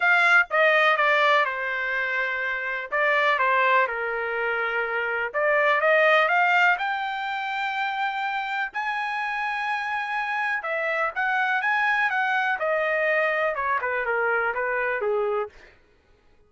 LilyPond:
\new Staff \with { instrumentName = "trumpet" } { \time 4/4 \tempo 4 = 124 f''4 dis''4 d''4 c''4~ | c''2 d''4 c''4 | ais'2. d''4 | dis''4 f''4 g''2~ |
g''2 gis''2~ | gis''2 e''4 fis''4 | gis''4 fis''4 dis''2 | cis''8 b'8 ais'4 b'4 gis'4 | }